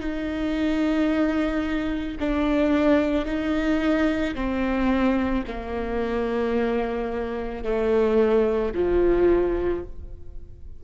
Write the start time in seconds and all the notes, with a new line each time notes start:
0.00 D#4
2.20 D4
3.25 D#4
4.35 C4
5.47 A#3
7.64 A3
8.75 F3